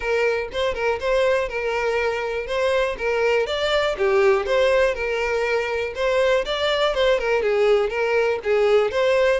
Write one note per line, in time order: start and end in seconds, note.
0.00 0.48 A#4
0.52 0.74 C5
0.74 0.99 A#4
1.00 1.49 C5
1.49 2.47 A#4
2.47 2.96 C5
2.98 3.46 A#4
3.46 3.96 D5
3.97 4.46 G4
4.46 4.94 C5
4.94 5.93 A#4
5.95 6.44 C5
6.45 6.94 D5
6.94 7.19 C5
7.19 7.42 A#4
7.42 7.89 G#4
7.89 8.39 A#4
8.43 8.91 G#4
8.91 9.40 C5